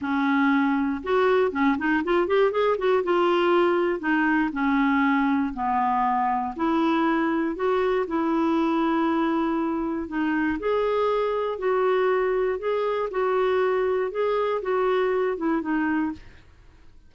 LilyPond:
\new Staff \with { instrumentName = "clarinet" } { \time 4/4 \tempo 4 = 119 cis'2 fis'4 cis'8 dis'8 | f'8 g'8 gis'8 fis'8 f'2 | dis'4 cis'2 b4~ | b4 e'2 fis'4 |
e'1 | dis'4 gis'2 fis'4~ | fis'4 gis'4 fis'2 | gis'4 fis'4. e'8 dis'4 | }